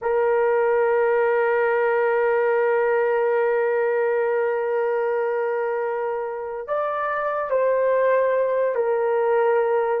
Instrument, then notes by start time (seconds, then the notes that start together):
horn
0.01 A#4
6.67 D5
7.50 C5
8.75 A#4